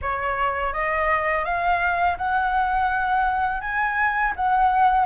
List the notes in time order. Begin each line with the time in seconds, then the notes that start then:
0.01 C#5
0.73 D#5
1.45 F5
2.17 F#5
3.60 G#5
4.36 F#5